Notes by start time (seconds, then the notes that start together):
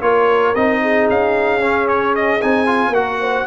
0.00 A#3 F4 A#4 C#5
0.55 C4 D#4 D#5
0.81 G#4
1.09 C#4 F5
1.60 C#4
1.88 C#5
2.15 D#5
2.41 C4 D#4 G#5
2.66 F4
2.89 A#3 F#4 A#4 F#5
3.20 C5